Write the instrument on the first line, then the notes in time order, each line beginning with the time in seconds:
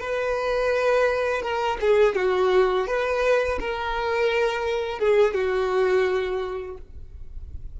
violin
0.00 B4
1.42 A#4
1.81 G#4
2.15 F#4
2.87 B4
3.59 A#4
4.99 G#4
5.34 F#4